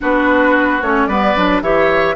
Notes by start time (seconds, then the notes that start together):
0.01 B3 D4 F#4 B4
0.82 A3 C#4 C#5
1.06 G3 B3 B4 D5
1.36 F#3 D4
1.61 E3 G4 C#5 E5